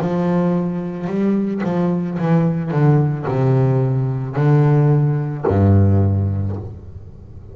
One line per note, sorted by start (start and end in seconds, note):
0.00 1.07 F3
1.07 1.61 G3
1.63 2.18 F3
2.18 2.71 E3
2.71 3.25 D3
3.28 4.36 C3
4.36 5.45 D3
5.47 6.56 G2